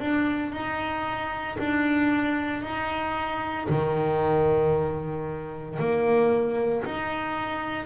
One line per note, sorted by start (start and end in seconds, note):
0.00 0.53 D4
0.53 1.58 D#4
1.59 2.63 D4
2.63 3.68 D#4
3.70 5.79 D#3
5.79 6.85 A#3
6.85 7.86 D#4